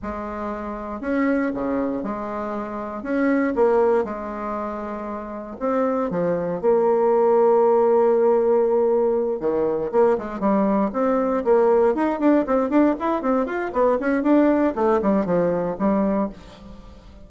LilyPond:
\new Staff \with { instrumentName = "bassoon" } { \time 4/4 \tempo 4 = 118 gis2 cis'4 cis4 | gis2 cis'4 ais4 | gis2. c'4 | f4 ais2.~ |
ais2~ ais8 dis4 ais8 | gis8 g4 c'4 ais4 dis'8 | d'8 c'8 d'8 e'8 c'8 f'8 b8 cis'8 | d'4 a8 g8 f4 g4 | }